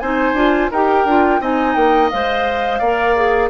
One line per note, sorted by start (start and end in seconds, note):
0.00 0.34 C4
0.00 0.36 D#4
0.00 0.71 C5
0.00 0.70 G#5
0.34 0.68 D4
0.34 0.70 F4
0.71 1.05 D#4
0.71 1.08 G4
0.71 1.41 A#4
0.71 1.43 G5
1.05 1.40 D4
1.05 1.41 F4
1.41 1.76 C4
1.41 2.11 D#4
1.41 2.79 D#5
1.41 1.75 G#5
1.75 2.11 A#3
1.75 2.10 G5
2.10 2.81 G#3
2.10 2.82 C5
2.10 3.50 F5
2.79 3.50 A#3
2.79 3.16 A#4
2.79 3.49 D5
3.16 3.50 G#4